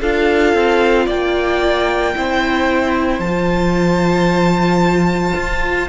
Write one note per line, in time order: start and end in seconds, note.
0.00 0.53 D4
0.00 2.15 F4
0.00 1.06 A4
0.00 1.08 F5
0.53 1.07 C4
1.06 2.15 A#3
1.06 2.13 D5
1.06 3.20 G5
2.15 3.19 C4
2.15 3.22 E4
2.15 5.89 C5
3.19 5.33 F3
3.19 5.87 A5
3.25 5.89 F4
5.35 5.88 F4